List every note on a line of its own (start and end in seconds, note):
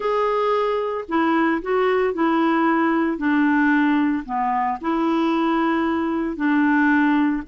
0.00 1.05 G#4
1.08 1.61 E4
1.61 2.13 F#4
2.13 3.17 E4
3.17 4.23 D4
4.25 4.78 B3
4.81 6.36 E4
6.36 7.42 D4